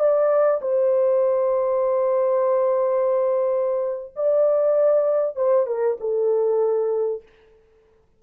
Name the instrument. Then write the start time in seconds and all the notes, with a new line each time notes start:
horn
0.00 D5
0.62 C5
4.16 D5
5.36 C5
5.67 A#4
6.01 A4